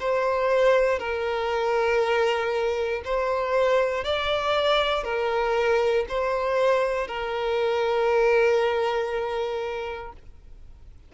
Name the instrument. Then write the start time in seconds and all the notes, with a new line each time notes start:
violin
0.00 C5
0.99 A#4
3.05 C5
4.05 D5
5.04 A#4
6.09 C5
7.08 A#4